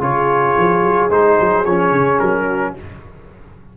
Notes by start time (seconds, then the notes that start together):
0.00 C#3 F4 G#4 C#5
0.58 F3
0.83 F#3
1.10 G#3 D#4 C5
1.40 F#3
1.65 F3 C#4 C#5
1.91 C#3
2.19 F#3 A#4
2.45 F#4